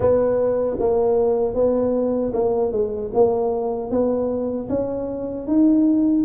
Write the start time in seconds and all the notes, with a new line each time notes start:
0.00 B3
0.79 A#3
1.54 B3
2.33 A#3
2.72 G#3
3.14 A#3
3.90 B3
4.69 C#4
5.47 D#4